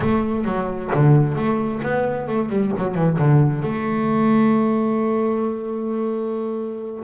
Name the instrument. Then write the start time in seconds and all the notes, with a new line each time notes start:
double bass
0.00 A3
0.44 F#3
0.93 D3
1.35 A3
1.82 B3
2.27 A3
2.49 G3
2.77 F#3
2.94 E3
3.18 D3
3.62 A3